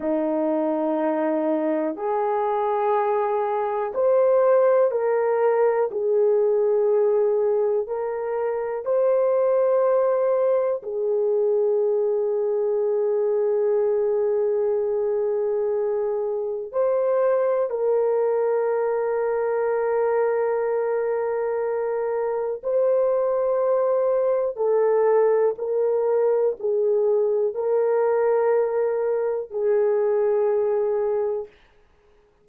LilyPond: \new Staff \with { instrumentName = "horn" } { \time 4/4 \tempo 4 = 61 dis'2 gis'2 | c''4 ais'4 gis'2 | ais'4 c''2 gis'4~ | gis'1~ |
gis'4 c''4 ais'2~ | ais'2. c''4~ | c''4 a'4 ais'4 gis'4 | ais'2 gis'2 | }